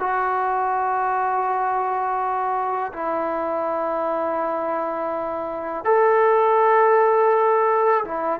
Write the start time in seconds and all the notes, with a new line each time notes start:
0.00 F#4
2.93 E4
5.85 A4
8.05 E4